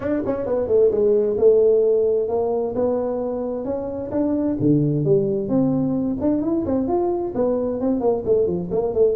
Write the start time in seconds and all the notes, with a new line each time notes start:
0.00 D4
0.26 C#4
0.45 B3
0.67 A3
0.91 G#3
1.37 A3
2.28 A#3
2.75 B3
3.64 C#4
4.11 D4
4.59 D3
5.04 G3
5.48 C4
6.20 D4
6.41 E4
6.65 C4
6.87 F4
7.34 B3
7.80 C4
8.00 A#3
8.25 A3
8.46 F3
8.71 A#3
8.94 A3